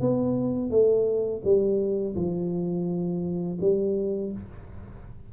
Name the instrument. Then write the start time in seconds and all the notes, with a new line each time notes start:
tuba
0.00 B3
0.70 A3
1.44 G3
2.16 F3
3.60 G3